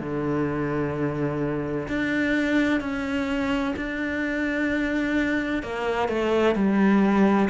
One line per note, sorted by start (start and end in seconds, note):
0.00 1.87 D3
1.88 2.80 D4
2.80 3.74 C#4
3.76 5.63 D4
5.63 6.09 A#3
6.09 6.55 A3
6.55 7.49 G3